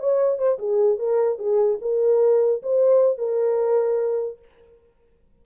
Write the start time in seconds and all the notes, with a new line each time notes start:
0.00 C#5
0.38 C5
0.59 G#4
0.99 A#4
1.39 G#4
1.82 A#4
2.63 C5
3.18 A#4